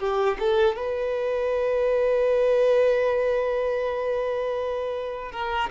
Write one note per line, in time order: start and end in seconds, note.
0.00 0.38 G4
0.40 0.77 A4
0.77 5.32 B4
5.32 5.70 A#4